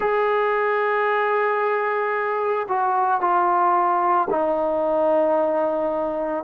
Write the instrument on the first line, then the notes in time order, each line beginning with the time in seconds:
trombone
0.00 G#4
2.68 F#4
3.20 F4
4.30 D#4